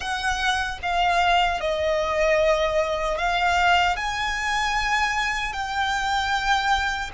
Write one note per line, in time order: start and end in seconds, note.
0.00 0.78 F#5
0.82 1.60 F5
1.60 3.18 D#5
3.18 3.96 F5
3.96 5.52 G#5
5.52 7.10 G5